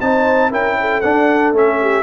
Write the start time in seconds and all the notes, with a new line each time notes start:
0.00 C4 D#4 C5 A5
0.50 C#4 E4 A#4 G5
0.80 A4
1.01 D4 F#5
1.52 A3 C#4 E5
1.81 G4